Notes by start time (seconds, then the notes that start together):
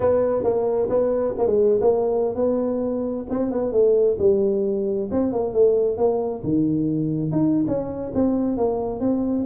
0.00 B3
0.43 A#3
0.89 B3
1.37 A#3
1.46 G#3
1.80 A#3
2.35 B3
3.29 C4
3.51 B3
3.72 A3
4.18 G3
5.11 C4
5.32 A#3
5.53 A3
5.97 A#3
6.43 D#3
7.31 D#4
7.67 C#4
8.14 C4
8.57 A#3
9.00 C4